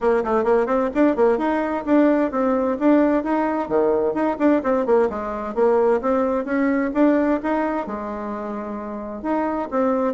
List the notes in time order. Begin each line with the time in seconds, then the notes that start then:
0.00 A#3
0.24 A3
0.44 A#3
0.66 C4
0.94 D4
1.16 A#3
1.37 D#4
1.85 D4
2.31 C4
2.79 D4
3.23 D#4
3.68 D#3
4.13 D#4
4.38 D4
4.63 C4
4.86 A#3
5.09 G#3
5.54 A#3
6.01 C4
6.44 C#4
6.94 D4
7.42 D#4
7.87 G#3
9.22 D#4
9.70 C4